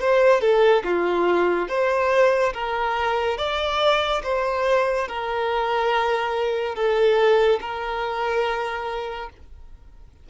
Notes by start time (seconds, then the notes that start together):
0.00 C5
0.41 A4
0.84 F4
1.68 C5
2.53 A#4
3.37 D5
4.23 C5
5.08 A#4
6.75 A4
7.61 A#4